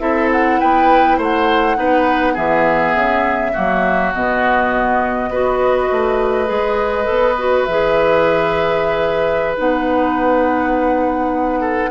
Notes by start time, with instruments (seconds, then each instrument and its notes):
0.00 bassoon C4, clarinet E4, oboe A4, flute E5
0.32 flute F#5
0.60 bassoon B3, oboe B4, flute G5
1.18 bassoon A3, oboe C5, flute F#5
1.76 bassoon B3, clarinet D#4, oboe B4
2.34 bassoon E3, clarinet B3, oboe G#4, flute E5
2.95 bassoon C#3
3.54 bassoon F#3, clarinet A#3, oboe F#4
4.14 bassoon B2, clarinet B3, flute D#5
5.30 bassoon B3, clarinet F#4, oboe B4
5.92 bassoon A3
6.46 bassoon G#3, clarinet G#4
7.05 bassoon B3, clarinet A4
7.39 clarinet F#4
7.65 bassoon E3, clarinet G#4, flute E5
9.57 bassoon B3, clarinet D#4, flute F#5
11.61 oboe A4